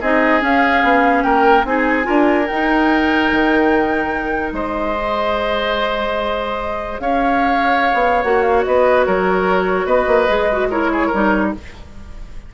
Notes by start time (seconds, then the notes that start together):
0.00 C4 D#4 G#4 D#5
0.40 C#4 F5
0.82 B3
1.23 A#3 A#4 G5
1.64 C4 D#4 G#4 G#5
2.03 D4 F4 A#4
2.47 D#4 G5
3.31 D#3
4.52 G#3 C5 D#5
4.95 G#4
6.99 C#4 C#5 F5
7.93 B3
8.22 A#3 F#4 F#5
8.42 F5
8.64 B3 B4 D#5
9.06 F#3 A#4 C#5
9.85 B3 B4 D#5
10.07 A#3
10.28 G#3 G#4
10.52 F#4
10.69 E4 A#4 C#5
10.92 G#4
11.06 A#4
11.13 G3 D#4